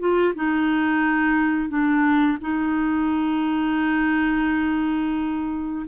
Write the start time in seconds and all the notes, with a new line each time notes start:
0.00 F4
0.35 D#4
1.69 D4
2.41 D#4